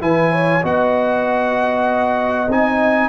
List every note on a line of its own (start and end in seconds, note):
0.00 0.63 E3
0.00 0.62 E4
0.00 0.32 B4
0.00 0.64 G#5
0.32 0.62 C#5
0.62 2.48 B3
0.62 2.48 F#4
0.62 3.09 D#5
0.62 2.51 F#5
2.48 3.09 C4
2.48 3.09 D#4
2.48 3.09 G#5